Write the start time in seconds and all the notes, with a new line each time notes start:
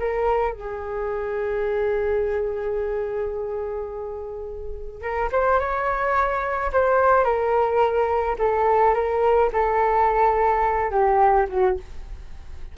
0.00 A#4
0.54 G#4
5.02 A#4
5.32 C5
5.60 C#5
6.73 C5
7.25 A#4
8.39 A4
8.95 A#4
9.53 A4
10.92 G4
11.50 F#4